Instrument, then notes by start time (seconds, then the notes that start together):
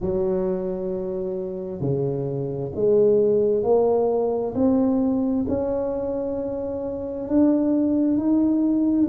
tuba
0.00 F#3
1.80 C#3
2.75 G#3
3.63 A#3
4.55 C4
5.48 C#4
7.28 D4
8.17 D#4